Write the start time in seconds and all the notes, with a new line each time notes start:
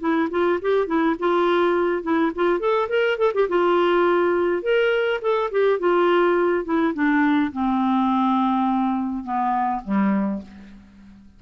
0.00 E4
0.31 F4
0.61 G4
0.87 E4
1.19 F4
2.03 E4
2.35 F4
2.60 A4
2.89 A#4
3.18 A4
3.34 G4
3.49 F4
4.63 A#4
5.22 A4
5.51 G4
5.79 F4
6.65 E4
6.94 D4
7.53 C4
9.24 B3
9.84 G3